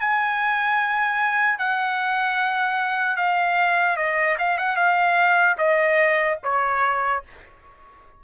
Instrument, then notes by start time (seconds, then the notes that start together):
trumpet
0.00 G#5
1.59 F#5
3.17 F5
3.97 D#5
4.38 F5
4.58 F#5
4.76 F5
5.58 D#5
6.43 C#5